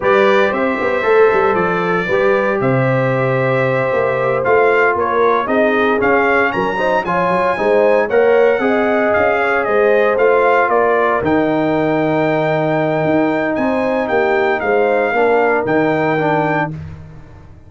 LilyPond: <<
  \new Staff \with { instrumentName = "trumpet" } { \time 4/4 \tempo 4 = 115 d''4 e''2 d''4~ | d''4 e''2.~ | e''8 f''4 cis''4 dis''4 f''8~ | f''8 ais''4 gis''2 fis''8~ |
fis''4. f''4 dis''4 f''8~ | f''8 d''4 g''2~ g''8~ | g''2 gis''4 g''4 | f''2 g''2 | }
  \new Staff \with { instrumentName = "horn" } { \time 4/4 b'4 c''2. | b'4 c''2.~ | c''4. ais'4 gis'4.~ | gis'8 ais'8 c''8 cis''4 c''4 cis''8~ |
cis''8 dis''4. cis''8 c''4.~ | c''8 ais'2.~ ais'8~ | ais'2 c''4 g'4 | c''4 ais'2. | }
  \new Staff \with { instrumentName = "trombone" } { \time 4/4 g'2 a'2 | g'1~ | g'8 f'2 dis'4 cis'8~ | cis'4 dis'8 f'4 dis'4 ais'8~ |
ais'8 gis'2. f'8~ | f'4. dis'2~ dis'8~ | dis'1~ | dis'4 d'4 dis'4 d'4 | }
  \new Staff \with { instrumentName = "tuba" } { \time 4/4 g4 c'8 b8 a8 g8 f4 | g4 c2~ c8 ais8~ | ais8 a4 ais4 c'4 cis'8~ | cis'8 fis4 f8 fis8 gis4 ais8~ |
ais8 c'4 cis'4 gis4 a8~ | a8 ais4 dis2~ dis8~ | dis4 dis'4 c'4 ais4 | gis4 ais4 dis2 | }
>>